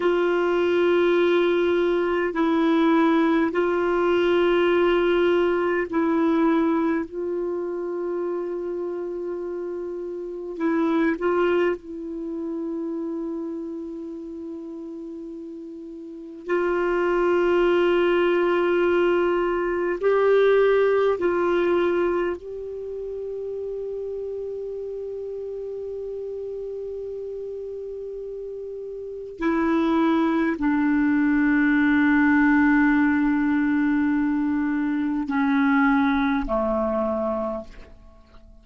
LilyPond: \new Staff \with { instrumentName = "clarinet" } { \time 4/4 \tempo 4 = 51 f'2 e'4 f'4~ | f'4 e'4 f'2~ | f'4 e'8 f'8 e'2~ | e'2 f'2~ |
f'4 g'4 f'4 g'4~ | g'1~ | g'4 e'4 d'2~ | d'2 cis'4 a4 | }